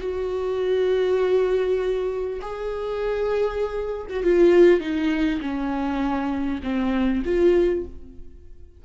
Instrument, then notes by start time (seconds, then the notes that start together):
viola
0.00 F#4
2.41 G#4
4.09 F#4
4.23 F4
4.80 D#4
5.41 C#4
6.63 C4
7.25 F4